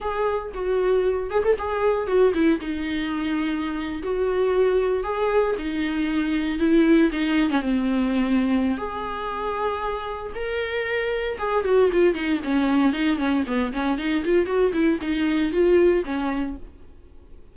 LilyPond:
\new Staff \with { instrumentName = "viola" } { \time 4/4 \tempo 4 = 116 gis'4 fis'4. gis'16 a'16 gis'4 | fis'8 e'8 dis'2~ dis'8. fis'16~ | fis'4.~ fis'16 gis'4 dis'4~ dis'16~ | dis'8. e'4 dis'8. cis'16 c'4~ c'16~ |
c'4 gis'2. | ais'2 gis'8 fis'8 f'8 dis'8 | cis'4 dis'8 cis'8 b8 cis'8 dis'8 f'8 | fis'8 e'8 dis'4 f'4 cis'4 | }